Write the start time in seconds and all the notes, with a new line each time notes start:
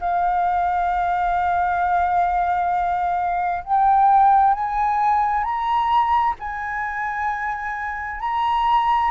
0.00 F5
3.64 G5
4.54 G#5
5.43 A#5
6.39 G#5
8.20 A#5